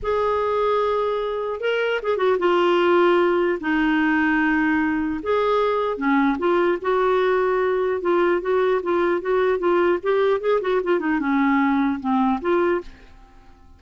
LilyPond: \new Staff \with { instrumentName = "clarinet" } { \time 4/4 \tempo 4 = 150 gis'1 | ais'4 gis'8 fis'8 f'2~ | f'4 dis'2.~ | dis'4 gis'2 cis'4 |
f'4 fis'2. | f'4 fis'4 f'4 fis'4 | f'4 g'4 gis'8 fis'8 f'8 dis'8 | cis'2 c'4 f'4 | }